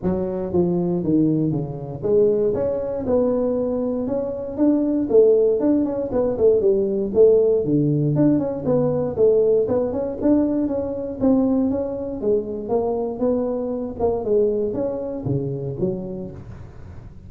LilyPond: \new Staff \with { instrumentName = "tuba" } { \time 4/4 \tempo 4 = 118 fis4 f4 dis4 cis4 | gis4 cis'4 b2 | cis'4 d'4 a4 d'8 cis'8 | b8 a8 g4 a4 d4 |
d'8 cis'8 b4 a4 b8 cis'8 | d'4 cis'4 c'4 cis'4 | gis4 ais4 b4. ais8 | gis4 cis'4 cis4 fis4 | }